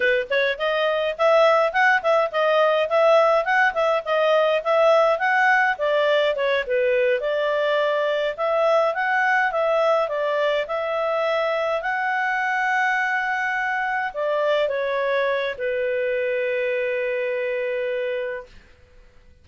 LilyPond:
\new Staff \with { instrumentName = "clarinet" } { \time 4/4 \tempo 4 = 104 b'8 cis''8 dis''4 e''4 fis''8 e''8 | dis''4 e''4 fis''8 e''8 dis''4 | e''4 fis''4 d''4 cis''8 b'8~ | b'8 d''2 e''4 fis''8~ |
fis''8 e''4 d''4 e''4.~ | e''8 fis''2.~ fis''8~ | fis''8 d''4 cis''4. b'4~ | b'1 | }